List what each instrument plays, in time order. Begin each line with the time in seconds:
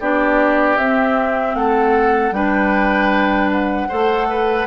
0.00 bassoon B3, clarinet D4, oboe G4, flute D5
0.77 bassoon C4, clarinet C4, flute E5
1.55 bassoon A3, oboe A4, flute F#5
2.31 bassoon G3, clarinet D4, oboe B4, flute G5
3.51 flute F#5
3.88 bassoon A3, clarinet A4, oboe C5
4.30 oboe B4